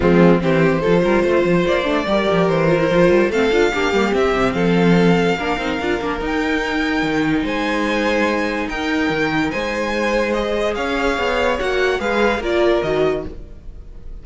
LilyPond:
<<
  \new Staff \with { instrumentName = "violin" } { \time 4/4 \tempo 4 = 145 f'4 c''2. | d''2 c''2 | f''2 e''4 f''4~ | f''2. g''4~ |
g''2 gis''2~ | gis''4 g''2 gis''4~ | gis''4 dis''4 f''2 | fis''4 f''4 d''4 dis''4 | }
  \new Staff \with { instrumentName = "violin" } { \time 4/4 c'4 g'4 a'8 ais'8 c''4~ | c''4 ais'2. | a'4 g'2 a'4~ | a'4 ais'2.~ |
ais'2 c''2~ | c''4 ais'2 c''4~ | c''2 cis''2~ | cis''4 b'4 ais'2 | }
  \new Staff \with { instrumentName = "viola" } { \time 4/4 gis4 c'4 f'2~ | f'8 d'8 g'4. f'16 e'16 f'4 | c'8 f'8 d'8 ais8 c'2~ | c'4 d'8 dis'8 f'8 d'8 dis'4~ |
dis'1~ | dis'1~ | dis'4 gis'2. | fis'4 gis'4 f'4 fis'4 | }
  \new Staff \with { instrumentName = "cello" } { \time 4/4 f4 e4 f8 g8 a8 f8 | ais8 a8 g8 f8 e4 f8 g8 | a8 d'8 ais8 g8 c'8 c8 f4~ | f4 ais8 c'8 d'8 ais8 dis'4~ |
dis'4 dis4 gis2~ | gis4 dis'4 dis4 gis4~ | gis2 cis'4 b4 | ais4 gis4 ais4 dis4 | }
>>